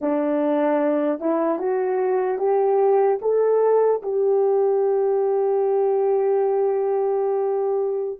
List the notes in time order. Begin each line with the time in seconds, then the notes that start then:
0.01 D4
1.20 E4
1.58 F#4
2.38 G4
3.21 A4
4.02 G4